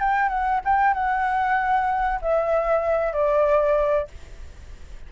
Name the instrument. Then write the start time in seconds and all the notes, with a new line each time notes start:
flute
0.00 G5
0.29 F#5
0.65 G5
0.94 F#5
2.22 E5
3.13 D5